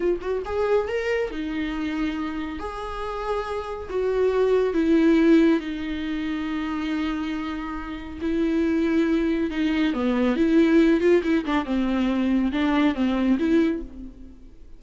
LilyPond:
\new Staff \with { instrumentName = "viola" } { \time 4/4 \tempo 4 = 139 f'8 fis'8 gis'4 ais'4 dis'4~ | dis'2 gis'2~ | gis'4 fis'2 e'4~ | e'4 dis'2.~ |
dis'2. e'4~ | e'2 dis'4 b4 | e'4. f'8 e'8 d'8 c'4~ | c'4 d'4 c'4 e'4 | }